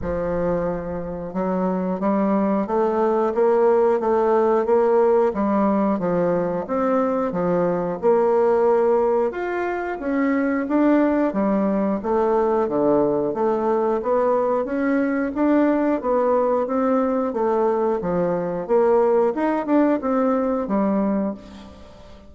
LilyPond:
\new Staff \with { instrumentName = "bassoon" } { \time 4/4 \tempo 4 = 90 f2 fis4 g4 | a4 ais4 a4 ais4 | g4 f4 c'4 f4 | ais2 f'4 cis'4 |
d'4 g4 a4 d4 | a4 b4 cis'4 d'4 | b4 c'4 a4 f4 | ais4 dis'8 d'8 c'4 g4 | }